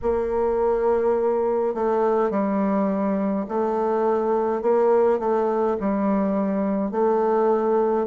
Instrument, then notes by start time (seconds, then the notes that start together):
bassoon
0.02 A#3
1.74 A3
2.30 G3
3.48 A3
4.62 A#3
5.19 A3
5.80 G3
6.91 A3